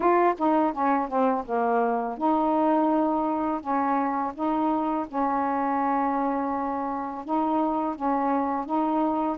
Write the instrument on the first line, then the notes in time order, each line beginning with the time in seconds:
saxophone
0.00 F4
0.38 D#4
0.72 C#4
1.08 C4
1.45 A#3
2.17 D#4
3.60 C#4
4.34 D#4
5.08 C#4
7.25 D#4
7.95 C#4
8.65 D#4